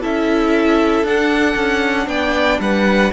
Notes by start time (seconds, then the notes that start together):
0.00 C#4 E4 A4 E5
1.03 D4 F#5
1.55 C#4
2.07 B3 D5 G5
2.59 G3 B4 F#5